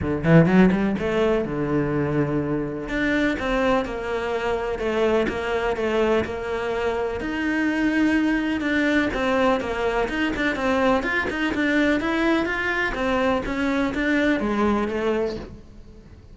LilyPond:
\new Staff \with { instrumentName = "cello" } { \time 4/4 \tempo 4 = 125 d8 e8 fis8 g8 a4 d4~ | d2 d'4 c'4 | ais2 a4 ais4 | a4 ais2 dis'4~ |
dis'2 d'4 c'4 | ais4 dis'8 d'8 c'4 f'8 dis'8 | d'4 e'4 f'4 c'4 | cis'4 d'4 gis4 a4 | }